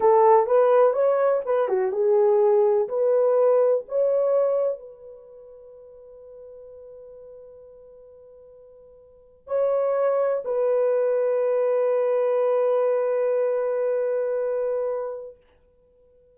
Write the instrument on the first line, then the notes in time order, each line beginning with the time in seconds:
horn
0.00 A4
0.46 B4
0.93 C#5
1.45 B4
1.68 F#4
1.92 G#4
2.88 B4
3.88 C#5
4.79 B4
9.47 C#5
10.44 B4